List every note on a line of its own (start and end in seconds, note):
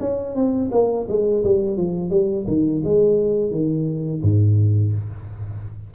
0.00 0.35 C#4
0.35 0.70 C4
0.72 1.07 A#3
1.08 1.43 G#3
1.44 1.77 G3
1.77 2.10 F3
2.10 2.45 G3
2.47 2.82 D#3
2.84 3.51 G#3
3.51 4.21 D#3
4.22 4.93 G#2